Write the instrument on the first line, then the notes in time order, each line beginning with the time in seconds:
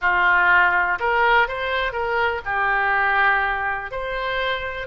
oboe
0.01 F4
0.99 A#4
1.48 C5
1.92 A#4
2.45 G4
3.91 C5